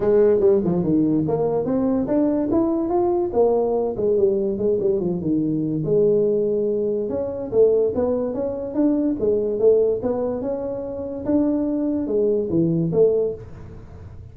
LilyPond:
\new Staff \with { instrumentName = "tuba" } { \time 4/4 \tempo 4 = 144 gis4 g8 f8 dis4 ais4 | c'4 d'4 e'4 f'4 | ais4. gis8 g4 gis8 g8 | f8 dis4. gis2~ |
gis4 cis'4 a4 b4 | cis'4 d'4 gis4 a4 | b4 cis'2 d'4~ | d'4 gis4 e4 a4 | }